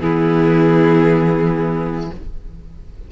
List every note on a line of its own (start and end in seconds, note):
0.00 2.11 E3
0.00 2.11 B3
0.00 2.11 E4
0.00 2.11 G#4